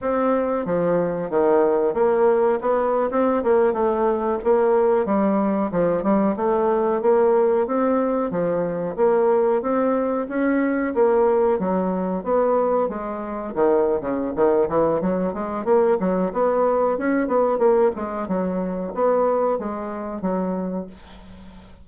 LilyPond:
\new Staff \with { instrumentName = "bassoon" } { \time 4/4 \tempo 4 = 92 c'4 f4 dis4 ais4 | b8. c'8 ais8 a4 ais4 g16~ | g8. f8 g8 a4 ais4 c'16~ | c'8. f4 ais4 c'4 cis'16~ |
cis'8. ais4 fis4 b4 gis16~ | gis8. dis8. cis8 dis8 e8 fis8 gis8 | ais8 fis8 b4 cis'8 b8 ais8 gis8 | fis4 b4 gis4 fis4 | }